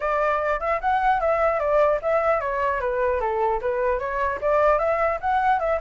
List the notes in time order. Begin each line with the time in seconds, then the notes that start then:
0.00 D5
0.59 E5
0.81 F#5
1.20 E5
1.59 D5
2.01 E5
2.40 C#5
2.80 B4
3.20 A4
3.61 B4
3.99 C#5
4.41 D5
4.79 E5
5.21 F#5
5.59 E5